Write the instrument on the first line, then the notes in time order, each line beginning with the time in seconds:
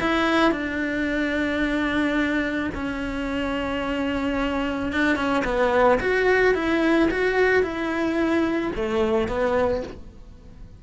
cello
0.00 E4
0.52 D4
2.74 C#4
4.92 D4
5.16 C#4
5.44 B3
6.00 F#4
6.54 E4
7.10 F#4
7.62 E4
8.75 A3
9.28 B3